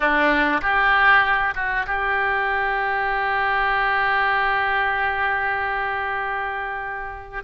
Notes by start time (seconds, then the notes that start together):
0.00 D4
0.61 G4
1.55 F#4
1.86 G4